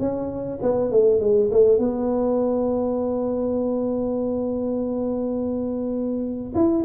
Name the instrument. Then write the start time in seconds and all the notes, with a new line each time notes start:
tuba
0.00 C#4
0.63 B3
0.92 A3
1.20 G#3
1.52 A3
1.79 B3
6.55 E4